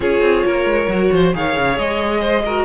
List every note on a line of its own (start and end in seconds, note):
0.00 0.21 C#4
0.00 0.88 F4
0.00 0.45 G#4
0.00 1.34 C#5
0.21 0.43 C4
0.45 0.64 A#3
0.45 1.12 A#4
0.64 0.87 G#3
0.87 1.10 F#3
0.87 1.33 F#4
1.12 1.34 F3
1.12 1.35 C5
1.33 1.56 D#3
1.33 2.44 G#4
1.33 2.20 C#5
1.33 1.78 F5
1.56 1.77 C#3
1.77 2.64 G#3
1.77 2.64 D#5
2.20 2.42 C5
2.45 2.64 F#4
2.45 2.64 A#4